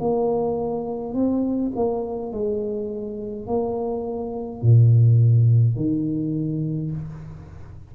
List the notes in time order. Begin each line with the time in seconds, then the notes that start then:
0.00 A#3
1.14 C4
1.76 A#3
2.32 G#3
3.47 A#3
4.62 A#2
5.76 D#3